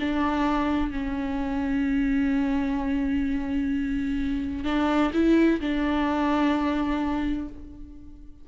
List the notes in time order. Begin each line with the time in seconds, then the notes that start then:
0.00 D4
0.91 C#4
4.65 D4
5.13 E4
5.61 D4